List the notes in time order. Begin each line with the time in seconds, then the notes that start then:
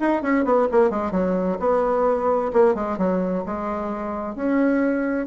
0.00 D#4
0.22 C#4
0.45 B3
0.72 A#3
0.90 G#3
1.12 F#3
1.59 B3
2.53 A#3
2.75 G#3
2.98 F#3
3.46 G#3
4.36 C#4